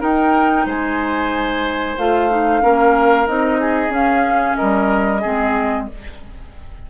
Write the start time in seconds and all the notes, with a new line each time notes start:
0.00 D#4 A#4 G5
0.66 G#3 C5 G#5
1.98 A3 F4 F5
2.30 D#4
2.61 A#3 C#4 A#4
3.27 C4 D#4 D#5
3.61 G#4
3.89 C#4 F5
4.55 A#4 D#5
4.62 G3
5.21 G#3 C4 G#4